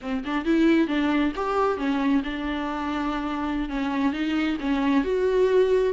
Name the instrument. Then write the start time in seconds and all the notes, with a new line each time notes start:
viola
0.01 C4
0.24 D4
0.45 E4
0.87 D4
1.35 G4
1.77 C#4
2.23 D4
3.69 C#4
4.12 D#4
4.60 C#4
5.04 F#4